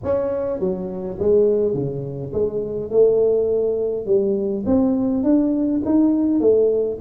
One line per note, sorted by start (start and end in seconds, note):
0.03 0.59 C#4
0.59 1.17 F#3
1.19 1.74 G#3
1.74 2.32 C#3
2.33 2.90 G#3
2.90 4.06 A3
4.06 4.64 G3
4.65 5.23 C4
5.23 5.81 D4
5.85 6.40 D#4
6.40 6.98 A3